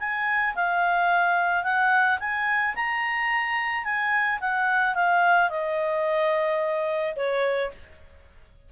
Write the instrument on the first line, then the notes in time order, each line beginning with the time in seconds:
clarinet
0.00 G#5
0.56 F5
1.64 F#5
2.20 G#5
2.75 A#5
3.85 G#5
4.41 F#5
4.95 F5
5.50 D#5
7.16 C#5